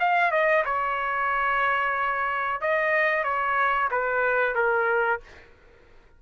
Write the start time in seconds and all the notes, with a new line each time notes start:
0.00 F5
0.31 D#5
0.65 C#5
2.61 D#5
3.24 C#5
3.91 B4
4.55 A#4